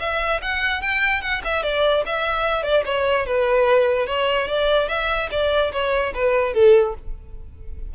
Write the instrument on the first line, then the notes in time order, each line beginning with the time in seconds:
violin
0.00 E5
0.42 F#5
0.82 G5
1.22 F#5
1.45 E5
1.63 D5
2.06 E5
2.63 D5
2.86 C#5
3.27 B4
4.07 C#5
4.48 D5
4.89 E5
5.32 D5
5.73 C#5
6.14 B4
6.54 A4